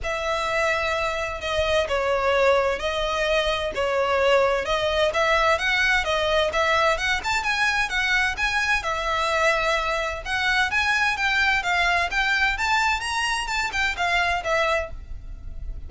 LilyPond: \new Staff \with { instrumentName = "violin" } { \time 4/4 \tempo 4 = 129 e''2. dis''4 | cis''2 dis''2 | cis''2 dis''4 e''4 | fis''4 dis''4 e''4 fis''8 a''8 |
gis''4 fis''4 gis''4 e''4~ | e''2 fis''4 gis''4 | g''4 f''4 g''4 a''4 | ais''4 a''8 g''8 f''4 e''4 | }